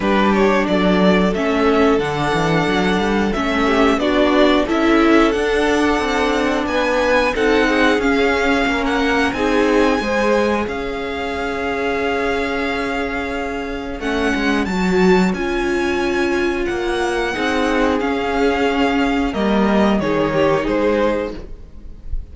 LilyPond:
<<
  \new Staff \with { instrumentName = "violin" } { \time 4/4 \tempo 4 = 90 b'8 cis''8 d''4 e''4 fis''4~ | fis''4 e''4 d''4 e''4 | fis''2 gis''4 fis''4 | f''4~ f''16 fis''8. gis''2 |
f''1~ | f''4 fis''4 a''4 gis''4~ | gis''4 fis''2 f''4~ | f''4 dis''4 cis''4 c''4 | }
  \new Staff \with { instrumentName = "violin" } { \time 4/4 g'4 a'2.~ | a'4. g'8 fis'4 a'4~ | a'2 b'4 a'8 gis'8~ | gis'4 ais'4 gis'4 c''4 |
cis''1~ | cis''1~ | cis''2 gis'2~ | gis'4 ais'4 gis'8 g'8 gis'4 | }
  \new Staff \with { instrumentName = "viola" } { \time 4/4 d'2 cis'4 d'4~ | d'4 cis'4 d'4 e'4 | d'2. dis'4 | cis'2 dis'4 gis'4~ |
gis'1~ | gis'4 cis'4 fis'4 f'4~ | f'2 dis'4 cis'4~ | cis'4 ais4 dis'2 | }
  \new Staff \with { instrumentName = "cello" } { \time 4/4 g4 fis4 a4 d8 e8 | fis8 g8 a4 b4 cis'4 | d'4 c'4 b4 c'4 | cis'4 ais4 c'4 gis4 |
cis'1~ | cis'4 a8 gis8 fis4 cis'4~ | cis'4 ais4 c'4 cis'4~ | cis'4 g4 dis4 gis4 | }
>>